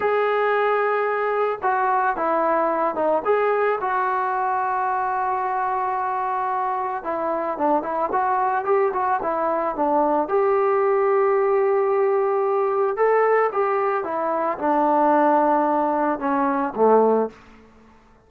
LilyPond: \new Staff \with { instrumentName = "trombone" } { \time 4/4 \tempo 4 = 111 gis'2. fis'4 | e'4. dis'8 gis'4 fis'4~ | fis'1~ | fis'4 e'4 d'8 e'8 fis'4 |
g'8 fis'8 e'4 d'4 g'4~ | g'1 | a'4 g'4 e'4 d'4~ | d'2 cis'4 a4 | }